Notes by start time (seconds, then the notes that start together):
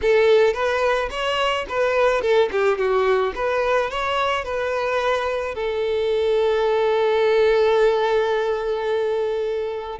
0.01 A4
0.53 B4
1.10 C#5
1.68 B4
2.21 A4
2.51 G4
2.78 F#4
3.35 B4
3.90 C#5
4.44 B4
5.54 A4